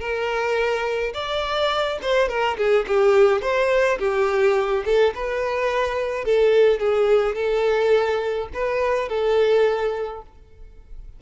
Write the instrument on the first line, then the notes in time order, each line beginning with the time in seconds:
violin
0.00 A#4
1.14 D5
2.02 C5
2.28 A#4
2.57 G#4
2.87 G4
3.42 C5
3.99 G4
4.86 A4
5.15 B4
6.25 A4
6.80 G#4
7.35 A4
8.53 B4
9.08 A4